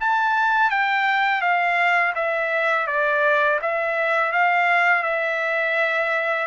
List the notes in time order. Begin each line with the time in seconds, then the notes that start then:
0.00 A5
0.70 G5
1.41 F5
2.15 E5
2.87 D5
3.61 E5
4.32 F5
5.02 E5